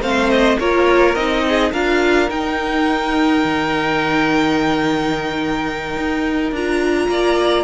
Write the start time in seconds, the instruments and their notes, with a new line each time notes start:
0.00 cello A3, viola C4, violin C5 F5
0.30 violin D#5
0.59 cello A#3, viola F4, violin A#4 C#5
1.15 cello C4, viola D#4, violin D#5
1.48 violin G#4
1.72 cello D4, viola F4, violin A#4 F5
2.30 viola D#4, cello D#4, violin G5
3.44 cello D#3
5.96 cello D#4
6.52 cello D4, viola F4, violin A#5
7.08 cello A#3, violin D5